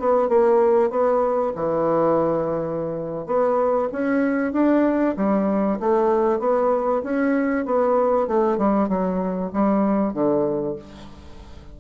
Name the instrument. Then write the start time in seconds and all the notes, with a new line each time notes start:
bassoon
0.00 B3
0.29 A#3
0.91 B3
1.56 E3
3.27 B3
3.93 C#4
4.53 D4
5.17 G3
5.80 A3
6.40 B3
7.04 C#4
7.66 B3
8.28 A3
8.58 G3
8.89 F#3
9.54 G3
10.14 D3